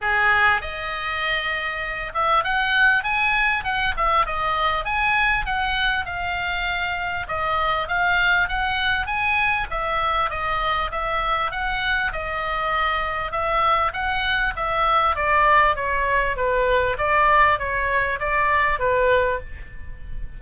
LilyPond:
\new Staff \with { instrumentName = "oboe" } { \time 4/4 \tempo 4 = 99 gis'4 dis''2~ dis''8 e''8 | fis''4 gis''4 fis''8 e''8 dis''4 | gis''4 fis''4 f''2 | dis''4 f''4 fis''4 gis''4 |
e''4 dis''4 e''4 fis''4 | dis''2 e''4 fis''4 | e''4 d''4 cis''4 b'4 | d''4 cis''4 d''4 b'4 | }